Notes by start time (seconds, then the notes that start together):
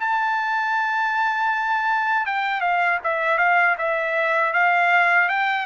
0.00 A5
2.26 G5
2.61 F5
3.04 E5
3.38 F5
3.78 E5
4.54 F5
5.29 G5